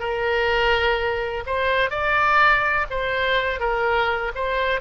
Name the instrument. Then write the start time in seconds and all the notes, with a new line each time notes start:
oboe
0.00 A#4
1.47 C5
1.91 D5
2.91 C5
3.60 A#4
4.35 C5